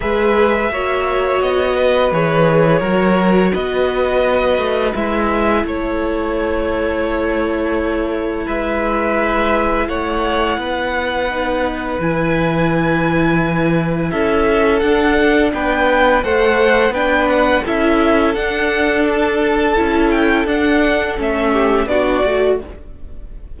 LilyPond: <<
  \new Staff \with { instrumentName = "violin" } { \time 4/4 \tempo 4 = 85 e''2 dis''4 cis''4~ | cis''4 dis''2 e''4 | cis''1 | e''2 fis''2~ |
fis''4 gis''2. | e''4 fis''4 g''4 fis''4 | g''8 fis''8 e''4 fis''4 a''4~ | a''8 g''8 fis''4 e''4 d''4 | }
  \new Staff \with { instrumentName = "violin" } { \time 4/4 b'4 cis''4. b'4. | ais'4 b'2. | a'1 | b'2 cis''4 b'4~ |
b'1 | a'2 b'4 c''4 | b'4 a'2.~ | a'2~ a'8 g'8 fis'4 | }
  \new Staff \with { instrumentName = "viola" } { \time 4/4 gis'4 fis'2 gis'4 | fis'2. e'4~ | e'1~ | e'1 |
dis'4 e'2.~ | e'4 d'2 a'4 | d'4 e'4 d'2 | e'4 d'4 cis'4 d'8 fis'8 | }
  \new Staff \with { instrumentName = "cello" } { \time 4/4 gis4 ais4 b4 e4 | fis4 b4. a8 gis4 | a1 | gis2 a4 b4~ |
b4 e2. | cis'4 d'4 b4 a4 | b4 cis'4 d'2 | cis'4 d'4 a4 b8 a8 | }
>>